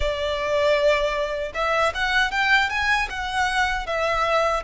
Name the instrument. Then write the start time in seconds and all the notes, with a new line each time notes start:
violin
0.00 D5
1.54 E5
1.94 F#5
2.31 G5
2.69 G#5
3.09 F#5
3.86 E5